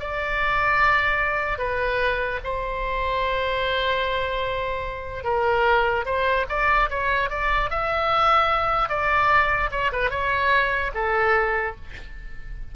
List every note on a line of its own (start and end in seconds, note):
0.00 1.58 D5
1.58 2.40 B4
2.44 5.24 C5
5.24 6.05 A#4
6.06 6.46 C5
6.49 6.90 D5
6.90 7.30 C#5
7.30 7.71 D5
7.71 8.89 E5
8.89 9.70 D5
9.71 9.92 C#5
9.92 10.10 B4
10.10 10.91 C#5
10.95 11.76 A4